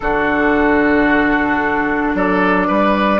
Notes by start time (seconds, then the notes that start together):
0.00 D3 D4 F#4 A4
2.14 F#3 A4 D5
2.67 G3 B4